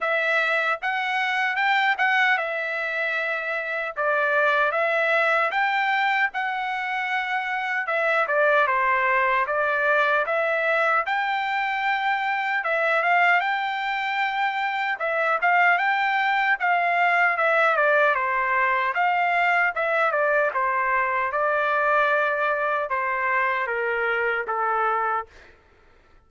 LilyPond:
\new Staff \with { instrumentName = "trumpet" } { \time 4/4 \tempo 4 = 76 e''4 fis''4 g''8 fis''8 e''4~ | e''4 d''4 e''4 g''4 | fis''2 e''8 d''8 c''4 | d''4 e''4 g''2 |
e''8 f''8 g''2 e''8 f''8 | g''4 f''4 e''8 d''8 c''4 | f''4 e''8 d''8 c''4 d''4~ | d''4 c''4 ais'4 a'4 | }